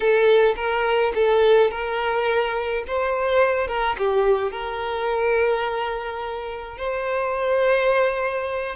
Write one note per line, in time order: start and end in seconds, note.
0.00 0.54 A4
0.56 1.12 A#4
1.14 1.71 A4
1.71 2.84 A#4
2.87 3.67 C5
3.67 3.96 A#4
3.98 4.51 G4
4.51 6.77 A#4
6.77 8.75 C5